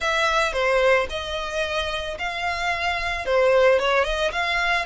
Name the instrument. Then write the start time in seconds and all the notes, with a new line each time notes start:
violin
0.00 E5
0.53 C5
1.09 D#5
2.18 F5
3.25 C5
3.79 C#5
4.04 D#5
4.32 F5